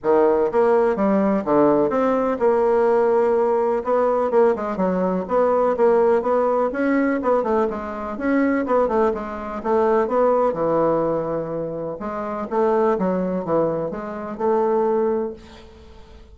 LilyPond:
\new Staff \with { instrumentName = "bassoon" } { \time 4/4 \tempo 4 = 125 dis4 ais4 g4 d4 | c'4 ais2. | b4 ais8 gis8 fis4 b4 | ais4 b4 cis'4 b8 a8 |
gis4 cis'4 b8 a8 gis4 | a4 b4 e2~ | e4 gis4 a4 fis4 | e4 gis4 a2 | }